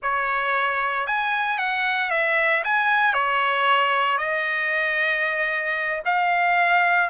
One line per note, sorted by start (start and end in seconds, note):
0.02 1.06 C#5
1.06 1.58 G#5
1.58 2.10 F#5
2.10 2.63 E5
2.63 3.13 G#5
3.13 4.18 C#5
4.18 6.02 D#5
6.05 7.09 F5